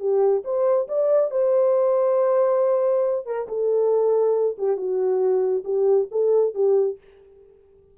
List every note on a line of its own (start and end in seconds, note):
0.00 0.43 G4
0.45 0.88 C5
0.88 1.31 D5
1.31 3.27 C5
3.27 3.48 A#4
3.49 4.57 A4
4.59 4.77 G4
4.77 5.64 F#4
5.65 6.08 G4
6.12 6.55 A4
6.55 6.98 G4